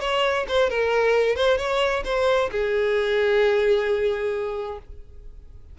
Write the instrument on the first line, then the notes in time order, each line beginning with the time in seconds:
violin
0.00 C#5
0.48 C5
0.70 A#4
1.36 C5
1.58 C#5
2.04 C5
2.51 G#4